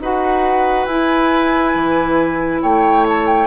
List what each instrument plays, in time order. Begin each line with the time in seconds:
0.00 bassoon D#4, clarinet F#4, oboe B4, flute F#5
0.86 bassoon E4, clarinet E4, flute G#5
1.74 bassoon E3
2.62 bassoon A3, oboe C#5, flute G5
3.09 flute A5
3.27 flute G5